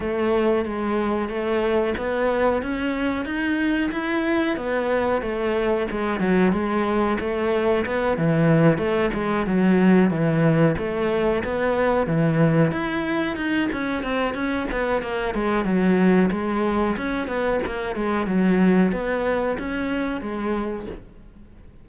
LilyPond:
\new Staff \with { instrumentName = "cello" } { \time 4/4 \tempo 4 = 92 a4 gis4 a4 b4 | cis'4 dis'4 e'4 b4 | a4 gis8 fis8 gis4 a4 | b8 e4 a8 gis8 fis4 e8~ |
e8 a4 b4 e4 e'8~ | e'8 dis'8 cis'8 c'8 cis'8 b8 ais8 gis8 | fis4 gis4 cis'8 b8 ais8 gis8 | fis4 b4 cis'4 gis4 | }